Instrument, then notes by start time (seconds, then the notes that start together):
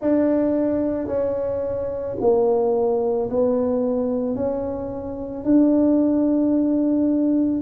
tuba
0.01 D4
1.07 C#4
2.20 A#3
3.30 B3
4.35 C#4
5.44 D4